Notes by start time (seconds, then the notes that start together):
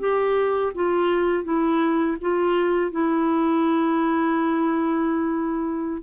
0.00 G4
0.75 F4
1.44 E4
2.22 F4
2.92 E4